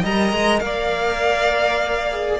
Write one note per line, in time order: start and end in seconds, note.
0.00 0.32 G3
0.00 2.10 A#4
0.00 0.60 D#5
0.00 0.59 A#5
0.32 0.61 G#3
0.59 2.40 A#3
0.59 2.40 D5
0.59 2.39 F5
2.10 2.40 G#4